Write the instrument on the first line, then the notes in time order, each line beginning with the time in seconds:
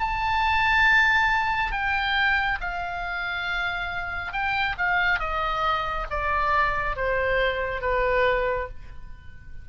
oboe
0.00 A5
1.72 G5
2.60 F5
4.32 G5
4.77 F5
5.19 D#5
6.10 D5
6.96 C5
7.81 B4